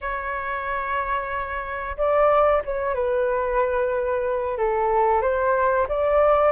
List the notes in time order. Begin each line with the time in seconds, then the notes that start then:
0.01 C#5
1.97 D5
2.64 C#5
2.94 B4
4.57 A4
5.21 C5
5.88 D5